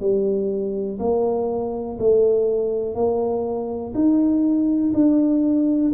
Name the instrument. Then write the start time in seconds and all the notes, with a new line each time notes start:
tuba
0.00 G3
0.99 A#3
1.99 A3
2.95 A#3
3.94 D#4
4.94 D4